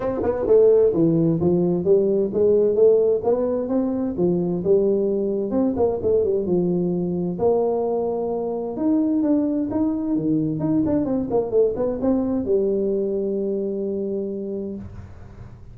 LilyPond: \new Staff \with { instrumentName = "tuba" } { \time 4/4 \tempo 4 = 130 c'8 b8 a4 e4 f4 | g4 gis4 a4 b4 | c'4 f4 g2 | c'8 ais8 a8 g8 f2 |
ais2. dis'4 | d'4 dis'4 dis4 dis'8 d'8 | c'8 ais8 a8 b8 c'4 g4~ | g1 | }